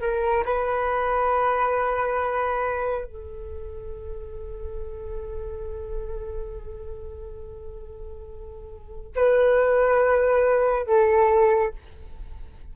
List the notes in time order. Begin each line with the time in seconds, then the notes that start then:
0.00 A#4
0.45 B4
3.05 A4
9.15 B4
10.86 A4